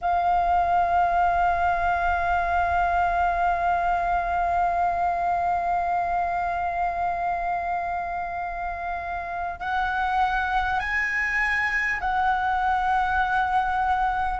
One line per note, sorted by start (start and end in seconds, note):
0.01 9.59 F5
9.59 10.79 F#5
10.79 11.99 G#5
12.00 14.39 F#5